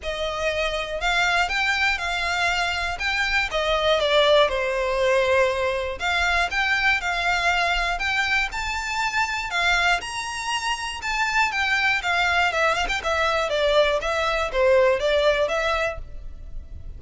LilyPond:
\new Staff \with { instrumentName = "violin" } { \time 4/4 \tempo 4 = 120 dis''2 f''4 g''4 | f''2 g''4 dis''4 | d''4 c''2. | f''4 g''4 f''2 |
g''4 a''2 f''4 | ais''2 a''4 g''4 | f''4 e''8 f''16 g''16 e''4 d''4 | e''4 c''4 d''4 e''4 | }